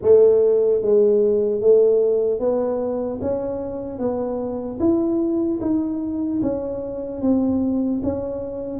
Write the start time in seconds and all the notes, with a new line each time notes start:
0.01 A3
0.81 G#3
1.60 A3
2.39 B3
3.21 C#4
3.99 B3
4.79 E4
5.61 D#4
6.42 C#4
7.21 C4
8.03 C#4